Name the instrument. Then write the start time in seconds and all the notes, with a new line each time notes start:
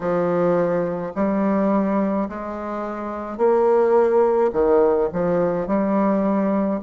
bassoon
0.00 F3
1.15 G3
2.28 G#3
3.37 A#3
4.52 D#3
5.13 F3
5.67 G3